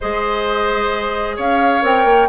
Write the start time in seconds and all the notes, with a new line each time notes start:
0.00 G#3 G#4 C5 D#5
1.36 C#4 C#5 F5
1.81 C4 A#4 G5
2.04 A#3